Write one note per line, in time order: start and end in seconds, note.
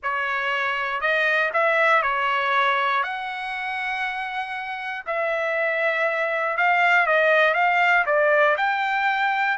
0.03 1.01 C#5
1.01 1.51 D#5
1.53 2.02 E5
2.02 3.03 C#5
3.03 5.04 F#5
5.06 6.57 E5
6.57 7.06 F5
7.06 7.54 D#5
7.54 8.04 F5
8.06 8.56 D5
8.57 9.57 G5